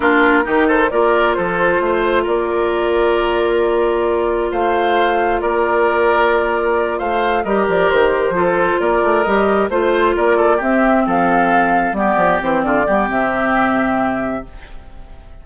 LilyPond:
<<
  \new Staff \with { instrumentName = "flute" } { \time 4/4 \tempo 4 = 133 ais'4. c''8 d''4 c''4~ | c''4 d''2.~ | d''2 f''2 | d''2.~ d''8 f''8~ |
f''8 dis''8 d''8 c''2 d''8~ | d''8 dis''4 c''4 d''4 e''8~ | e''8 f''2 d''4 c''8 | d''4 e''2. | }
  \new Staff \with { instrumentName = "oboe" } { \time 4/4 f'4 g'8 a'8 ais'4 a'4 | c''4 ais'2.~ | ais'2 c''2 | ais'2.~ ais'8 c''8~ |
c''8 ais'2 a'4 ais'8~ | ais'4. c''4 ais'8 a'8 g'8~ | g'8 a'2 g'4. | f'8 g'2.~ g'8 | }
  \new Staff \with { instrumentName = "clarinet" } { \time 4/4 d'4 dis'4 f'2~ | f'1~ | f'1~ | f'1~ |
f'8 g'2 f'4.~ | f'8 g'4 f'2 c'8~ | c'2~ c'8 b4 c'8~ | c'8 b8 c'2. | }
  \new Staff \with { instrumentName = "bassoon" } { \time 4/4 ais4 dis4 ais4 f4 | a4 ais2.~ | ais2 a2 | ais2.~ ais8 a8~ |
a8 g8 f8 dis4 f4 ais8 | a8 g4 a4 ais4 c'8~ | c'8 f2 g8 f8 e8 | d8 g8 c2. | }
>>